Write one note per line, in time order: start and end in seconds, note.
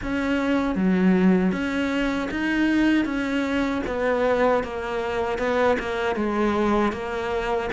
0.02 0.75 C#4
0.75 1.52 F#3
1.52 2.29 C#4
2.30 3.05 D#4
3.05 3.81 C#4
3.86 4.63 B3
4.63 5.38 A#3
5.38 5.77 B3
5.79 6.15 A#3
6.15 6.92 G#3
6.92 7.69 A#3